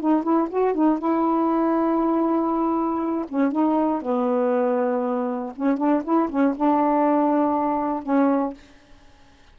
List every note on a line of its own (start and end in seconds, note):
0.00 0.23 D#4
0.23 0.48 E4
0.50 0.74 F#4
0.74 0.99 D#4
0.99 3.25 E4
3.29 3.52 C#4
3.52 4.02 D#4
4.02 5.53 B3
5.56 5.78 C#4
5.78 6.03 D4
6.04 6.29 E4
6.29 6.55 C#4
6.56 8.03 D4
8.03 8.53 C#4